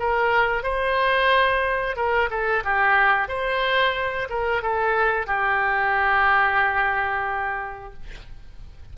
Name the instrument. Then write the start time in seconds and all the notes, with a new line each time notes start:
oboe
0.00 A#4
0.64 C5
1.97 A#4
2.31 A4
2.65 G4
3.29 C5
4.30 A#4
4.63 A4
5.27 G4